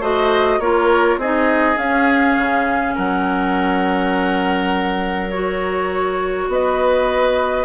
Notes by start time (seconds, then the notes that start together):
0.00 A3 F#4 C5 D#5
0.59 A#3 F4 A#4 C#5
1.17 C4 D#4 G#4 D#5
1.76 C#4 F5
2.37 C#3
2.95 F#3 A#4 F#5
5.30 F#4 C#5
6.48 B3 B4 D#5